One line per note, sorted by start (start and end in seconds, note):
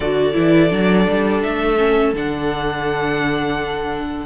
0.00 0.35 D3
0.00 0.33 F#4
0.00 4.25 A4
0.00 1.41 D5
0.33 0.71 E3
0.33 0.68 E4
0.69 1.07 F#3
0.69 1.76 D4
1.08 1.44 G3
1.42 2.13 A3
1.42 2.13 E5
1.77 2.13 C#4
2.13 4.25 D3
2.13 4.25 D4
2.13 4.25 F#5